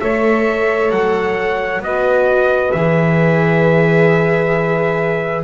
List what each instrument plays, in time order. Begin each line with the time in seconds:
0.00 double bass A3, viola A4, saxophone C#5, trumpet E5
0.91 double bass F#3, trumpet F#5
1.80 double bass B3, viola F#4, saxophone B4, trumpet D#5
2.72 double bass E3, viola G#4, trumpet E5